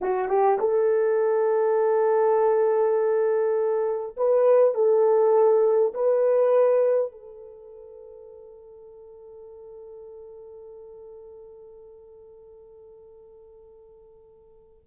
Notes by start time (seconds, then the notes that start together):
0.01 F#4
0.28 G4
0.59 A4
4.16 B4
4.74 A4
5.94 B4
7.11 A4